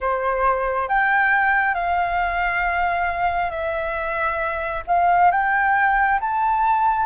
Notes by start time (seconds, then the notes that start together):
0.00 C5
0.88 G5
1.74 F5
3.51 E5
4.87 F5
5.31 G5
6.20 A5